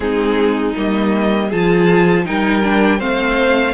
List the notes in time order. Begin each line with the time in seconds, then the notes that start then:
0.00 G#3 C4 D#4 G#4
0.76 G3 A#3 D#5
1.48 F3 F4 G#4 A5
2.25 G3 D#4 A#4 G5
2.62 D4
2.98 A3 C4 C5 F5